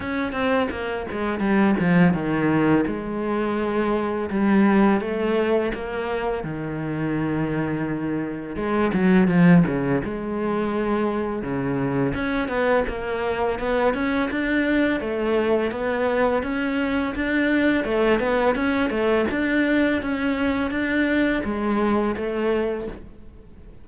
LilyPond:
\new Staff \with { instrumentName = "cello" } { \time 4/4 \tempo 4 = 84 cis'8 c'8 ais8 gis8 g8 f8 dis4 | gis2 g4 a4 | ais4 dis2. | gis8 fis8 f8 cis8 gis2 |
cis4 cis'8 b8 ais4 b8 cis'8 | d'4 a4 b4 cis'4 | d'4 a8 b8 cis'8 a8 d'4 | cis'4 d'4 gis4 a4 | }